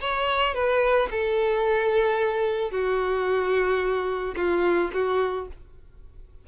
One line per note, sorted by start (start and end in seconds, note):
0.00 0.54 C#5
0.54 1.08 B4
1.11 2.71 A4
2.71 4.35 F#4
4.36 4.90 F4
4.93 5.47 F#4